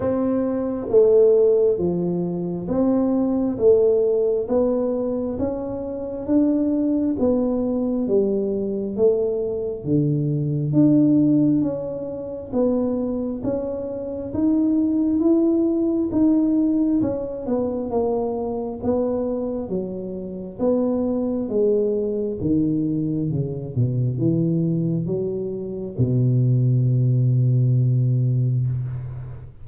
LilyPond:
\new Staff \with { instrumentName = "tuba" } { \time 4/4 \tempo 4 = 67 c'4 a4 f4 c'4 | a4 b4 cis'4 d'4 | b4 g4 a4 d4 | d'4 cis'4 b4 cis'4 |
dis'4 e'4 dis'4 cis'8 b8 | ais4 b4 fis4 b4 | gis4 dis4 cis8 b,8 e4 | fis4 b,2. | }